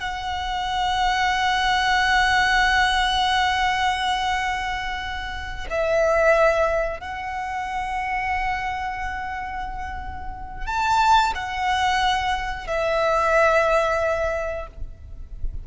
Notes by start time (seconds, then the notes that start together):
0.00 F#5
5.70 E5
7.00 F#5
10.66 A5
11.35 F#5
12.67 E5